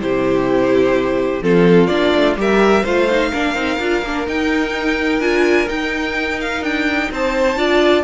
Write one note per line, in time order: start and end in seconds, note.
0.00 1.41 C3
0.00 1.42 E4
0.00 1.44 G4
0.00 1.42 C5
1.41 1.89 F3
1.41 1.89 C4
1.41 2.38 F4
1.41 1.87 A4
1.87 2.14 A#3
1.87 2.36 D4
1.87 2.34 D5
2.14 2.36 A3
2.36 2.84 G3
2.36 2.83 G4
2.36 2.83 A#4
2.36 2.85 E5
2.83 3.31 A3
2.83 3.09 F4
2.83 3.30 C5
2.83 4.27 F5
3.10 3.33 D#4
3.31 3.54 A#3
3.31 3.55 D4
3.31 7.09 A#4
3.54 3.78 C4
3.54 3.79 D#4
3.79 4.02 D4
3.79 4.03 F4
4.02 4.26 A#3
4.02 4.27 D4
4.27 5.19 D#4
4.27 5.20 D#4
4.27 5.21 G5
5.19 5.67 D4
5.19 5.67 F4
5.19 5.68 G#5
5.67 7.56 D#4
5.67 6.62 D#4
5.67 6.40 G5
6.40 6.64 F5
6.62 7.09 D4
6.62 7.11 G5
7.11 7.56 C4
7.11 7.58 C5
7.11 8.04 A5
7.56 8.03 D4
7.56 8.04 F4
7.56 8.04 D5